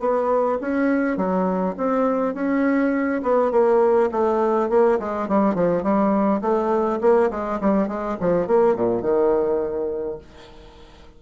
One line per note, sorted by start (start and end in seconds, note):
0.00 0.58 B3
0.61 1.17 C#4
1.17 1.75 F#3
1.77 2.34 C4
2.34 3.22 C#4
3.23 3.52 B3
3.52 4.10 A#3
4.11 4.69 A3
4.69 4.99 A#3
5.00 5.28 G#3
5.28 5.54 G3
5.54 5.83 F3
5.83 6.41 G3
6.41 7.00 A3
7.01 7.30 A#3
7.31 7.60 G#3
7.61 7.88 G3
7.88 8.17 G#3
8.20 8.47 F3
8.47 8.76 A#3
8.76 9.02 A#2
9.02 10.18 D#3